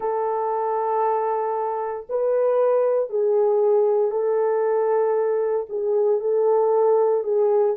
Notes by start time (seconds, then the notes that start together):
0.00 A4
2.09 B4
3.09 G#4
4.11 A4
5.69 G#4
6.20 A4
7.23 G#4